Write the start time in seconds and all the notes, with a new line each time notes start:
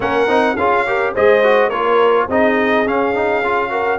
0.00 A#3 C#4 A#4 F#5
0.27 C4 D#4
0.56 C#4 F4 G#4 F5
0.87 G4 A#4
1.13 G#3 G#4 C5 D#5
1.43 F#4
1.69 A#3 F4 A#4 C#5
2.28 C4 D#4 G#4 D#5
2.86 C#4 F5
3.14 D#4
3.44 F4
3.70 F#4 A#4